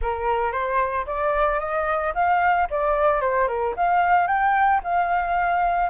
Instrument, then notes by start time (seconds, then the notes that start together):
flute
0.01 A#4
0.52 C5
1.06 D5
1.59 D#5
2.14 F5
2.70 D5
3.20 C5
3.47 A#4
3.76 F5
4.27 G5
4.83 F5